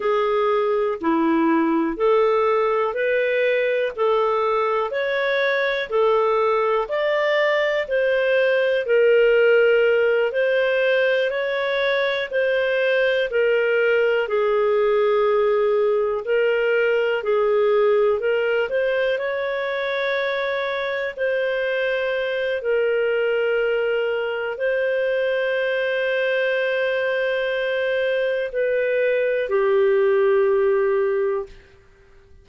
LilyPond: \new Staff \with { instrumentName = "clarinet" } { \time 4/4 \tempo 4 = 61 gis'4 e'4 a'4 b'4 | a'4 cis''4 a'4 d''4 | c''4 ais'4. c''4 cis''8~ | cis''8 c''4 ais'4 gis'4.~ |
gis'8 ais'4 gis'4 ais'8 c''8 cis''8~ | cis''4. c''4. ais'4~ | ais'4 c''2.~ | c''4 b'4 g'2 | }